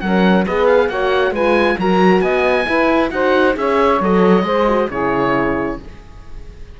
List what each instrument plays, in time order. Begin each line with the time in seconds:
0.00 cello F#3, horn C#4, saxophone A#4, oboe F#5
0.45 cello B3, horn G#4, saxophone B4, oboe D#5
0.66 oboe F5
0.89 cello A#3, horn F#4, saxophone C#5, oboe F#5
1.31 cello G#3, horn F4, saxophone B4, oboe G#5
1.78 cello F#3, horn F#4, saxophone A#4, oboe A#5
2.21 cello B3, saxophone D#5, oboe G#5
2.65 horn E4, cello E4, saxophone B4
3.10 cello D#4, horn F#4, saxophone C5, oboe F#5
3.54 cello C#4, horn G#4, saxophone C#5, oboe E5
4.00 cello F#3, horn A4, oboe D#5
4.43 cello G#3, horn G#4, saxophone C5
4.68 horn F#4
4.90 cello C#3, horn E4, saxophone G#4, oboe C#5